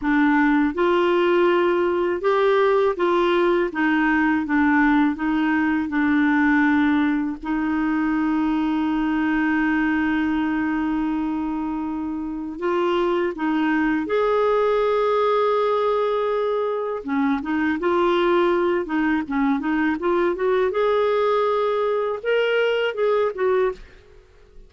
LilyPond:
\new Staff \with { instrumentName = "clarinet" } { \time 4/4 \tempo 4 = 81 d'4 f'2 g'4 | f'4 dis'4 d'4 dis'4 | d'2 dis'2~ | dis'1~ |
dis'4 f'4 dis'4 gis'4~ | gis'2. cis'8 dis'8 | f'4. dis'8 cis'8 dis'8 f'8 fis'8 | gis'2 ais'4 gis'8 fis'8 | }